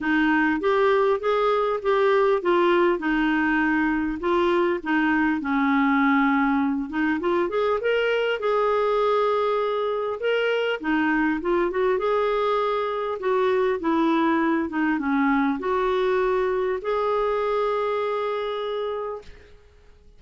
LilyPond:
\new Staff \with { instrumentName = "clarinet" } { \time 4/4 \tempo 4 = 100 dis'4 g'4 gis'4 g'4 | f'4 dis'2 f'4 | dis'4 cis'2~ cis'8 dis'8 | f'8 gis'8 ais'4 gis'2~ |
gis'4 ais'4 dis'4 f'8 fis'8 | gis'2 fis'4 e'4~ | e'8 dis'8 cis'4 fis'2 | gis'1 | }